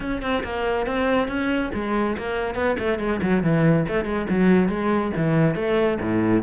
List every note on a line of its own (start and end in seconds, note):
0.00 0.21 C#4
0.21 0.43 C4
0.43 0.86 A#3
0.86 1.28 C4
1.28 1.70 C#4
1.74 2.16 G#3
2.17 2.54 A#3
2.54 2.76 B3
2.78 2.98 A3
2.98 3.20 G#3
3.21 3.43 F#3
3.43 3.86 E3
3.88 4.04 A3
4.04 4.26 G#3
4.29 4.68 F#3
4.68 5.11 G#3
5.16 5.55 E3
5.55 5.98 A3
6.01 6.42 A2